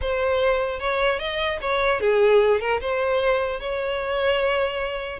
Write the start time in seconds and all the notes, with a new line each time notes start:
0.01 C5
0.79 C#5
1.19 D#5
1.61 C#5
2.00 G#4
2.60 A#4
2.80 C5
3.59 C#5